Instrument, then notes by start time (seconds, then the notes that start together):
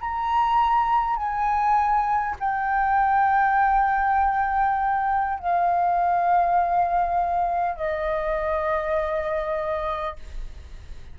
flute
0.00 A#5
1.16 G#5
2.39 G5
5.39 F5
7.76 D#5